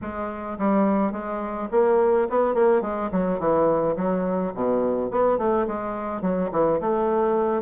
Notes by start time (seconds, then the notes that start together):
0.01 G#3
0.58 G3
1.12 G#3
1.71 A#3
2.29 B3
2.54 A#3
2.81 G#3
3.11 F#3
3.39 E3
3.96 F#3
4.54 B2
5.10 B3
5.38 A3
5.67 G#3
6.21 F#3
6.51 E3
6.80 A3